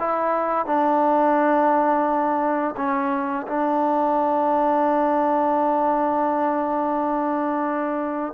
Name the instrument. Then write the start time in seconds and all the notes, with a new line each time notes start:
trombone
0.00 E4
0.66 D4
2.77 C#4
3.48 D4